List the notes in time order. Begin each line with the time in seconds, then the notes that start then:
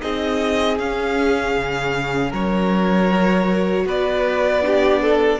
0.00 C4 D#4 G#4 D#5
0.78 C#4 F5
1.57 C#3
2.30 F#3 A#4 C#5
3.11 F#4
3.85 B3 B4 D5
4.62 D4 G4
5.02 A4